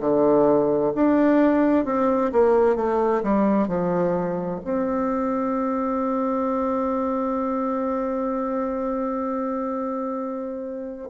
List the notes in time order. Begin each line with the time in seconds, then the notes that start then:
0.00 D3
0.95 D4
1.85 C4
2.32 A#3
2.75 A3
3.23 G3
3.68 F3
4.64 C4